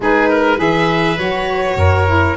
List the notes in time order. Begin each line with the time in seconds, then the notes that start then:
0.00 G#3 D#4 G#4 B4
0.29 A#4
0.56 E3 G#4 B4 E5
1.17 F#3 F#4 C#5
1.76 F#2 A#4
2.06 E4